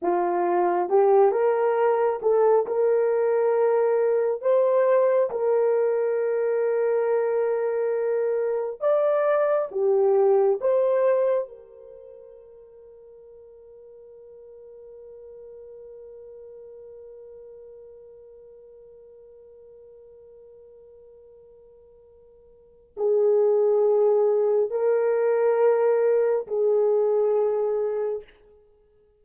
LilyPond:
\new Staff \with { instrumentName = "horn" } { \time 4/4 \tempo 4 = 68 f'4 g'8 ais'4 a'8 ais'4~ | ais'4 c''4 ais'2~ | ais'2 d''4 g'4 | c''4 ais'2.~ |
ais'1~ | ais'1~ | ais'2 gis'2 | ais'2 gis'2 | }